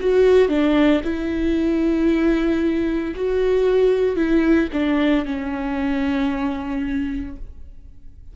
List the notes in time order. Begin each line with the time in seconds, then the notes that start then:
0.00 F#4
0.48 D4
1.04 E4
3.16 F#4
4.16 E4
4.73 D4
5.25 C#4